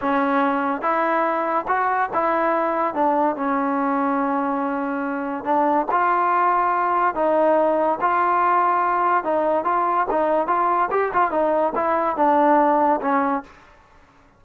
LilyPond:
\new Staff \with { instrumentName = "trombone" } { \time 4/4 \tempo 4 = 143 cis'2 e'2 | fis'4 e'2 d'4 | cis'1~ | cis'4 d'4 f'2~ |
f'4 dis'2 f'4~ | f'2 dis'4 f'4 | dis'4 f'4 g'8 f'8 dis'4 | e'4 d'2 cis'4 | }